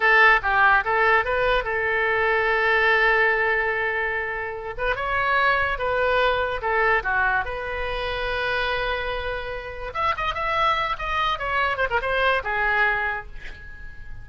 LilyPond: \new Staff \with { instrumentName = "oboe" } { \time 4/4 \tempo 4 = 145 a'4 g'4 a'4 b'4 | a'1~ | a'2.~ a'8 b'8 | cis''2 b'2 |
a'4 fis'4 b'2~ | b'1 | e''8 dis''8 e''4. dis''4 cis''8~ | cis''8 c''16 ais'16 c''4 gis'2 | }